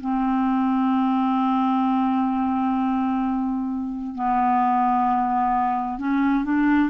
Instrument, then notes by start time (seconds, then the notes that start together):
clarinet
0.00 C4
4.15 B3
5.98 C#4
6.44 D4